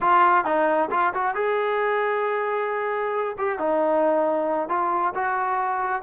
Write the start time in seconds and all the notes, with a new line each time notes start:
0.00 F4
0.44 D#4
0.91 F4
1.14 F#4
1.35 G#4
3.37 G4
3.58 D#4
4.68 F4
5.14 F#4